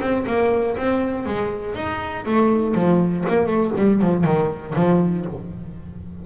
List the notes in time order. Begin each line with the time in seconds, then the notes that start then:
0.00 C4
0.26 A#3
0.77 C4
1.25 G#3
1.75 D#4
2.25 A3
2.74 F3
3.28 A#3
3.46 A3
3.76 G3
4.01 F3
4.24 D#3
4.75 F3